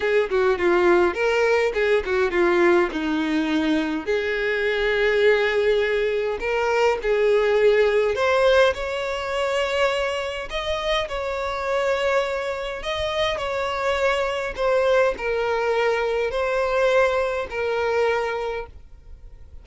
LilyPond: \new Staff \with { instrumentName = "violin" } { \time 4/4 \tempo 4 = 103 gis'8 fis'8 f'4 ais'4 gis'8 fis'8 | f'4 dis'2 gis'4~ | gis'2. ais'4 | gis'2 c''4 cis''4~ |
cis''2 dis''4 cis''4~ | cis''2 dis''4 cis''4~ | cis''4 c''4 ais'2 | c''2 ais'2 | }